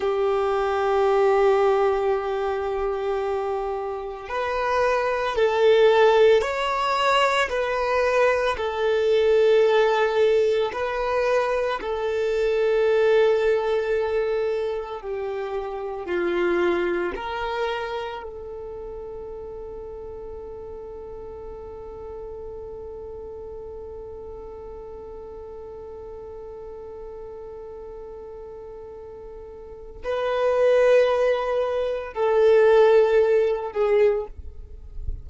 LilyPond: \new Staff \with { instrumentName = "violin" } { \time 4/4 \tempo 4 = 56 g'1 | b'4 a'4 cis''4 b'4 | a'2 b'4 a'4~ | a'2 g'4 f'4 |
ais'4 a'2.~ | a'1~ | a'1 | b'2 a'4. gis'8 | }